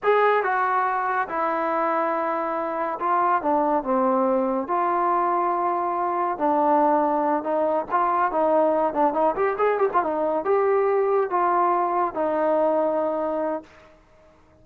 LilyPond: \new Staff \with { instrumentName = "trombone" } { \time 4/4 \tempo 4 = 141 gis'4 fis'2 e'4~ | e'2. f'4 | d'4 c'2 f'4~ | f'2. d'4~ |
d'4. dis'4 f'4 dis'8~ | dis'4 d'8 dis'8 g'8 gis'8 g'16 f'16 dis'8~ | dis'8 g'2 f'4.~ | f'8 dis'2.~ dis'8 | }